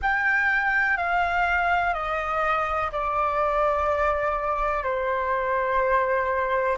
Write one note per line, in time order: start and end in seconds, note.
0.01 0.97 G5
0.97 1.94 F5
1.94 2.90 D#5
2.92 4.83 D5
4.83 6.77 C5